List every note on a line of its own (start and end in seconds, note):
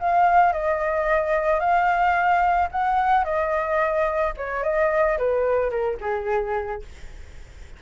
0.00 0.53 F5
0.53 1.60 D#5
1.60 2.69 F5
2.72 3.25 F#5
3.25 4.34 D#5
4.37 4.64 C#5
4.64 5.18 D#5
5.19 5.71 B4
5.71 5.98 A#4
6.01 6.83 G#4